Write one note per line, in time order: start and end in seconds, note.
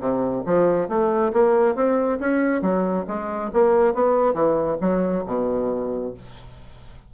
0.00 0.43 C3
0.45 0.88 F3
0.88 1.32 A3
1.33 1.75 A#3
1.75 2.18 C4
2.20 2.61 C#4
2.61 3.05 F#3
3.07 3.51 G#3
3.53 3.94 A#3
3.94 4.34 B3
4.34 4.77 E3
4.80 5.24 F#3
5.26 6.13 B2